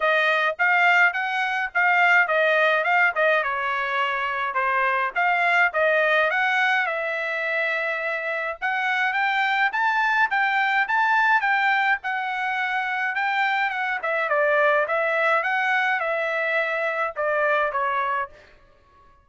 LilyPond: \new Staff \with { instrumentName = "trumpet" } { \time 4/4 \tempo 4 = 105 dis''4 f''4 fis''4 f''4 | dis''4 f''8 dis''8 cis''2 | c''4 f''4 dis''4 fis''4 | e''2. fis''4 |
g''4 a''4 g''4 a''4 | g''4 fis''2 g''4 | fis''8 e''8 d''4 e''4 fis''4 | e''2 d''4 cis''4 | }